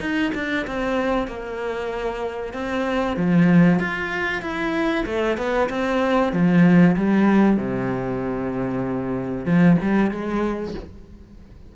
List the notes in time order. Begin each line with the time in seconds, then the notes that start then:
0.00 D#4
0.34 D4
0.67 C4
1.27 A#3
2.53 C4
3.16 F3
3.79 F4
4.42 E4
5.06 A3
5.37 B3
5.69 C4
6.32 F3
6.96 G3
7.57 C3
9.45 F3
9.82 G3
10.11 G#3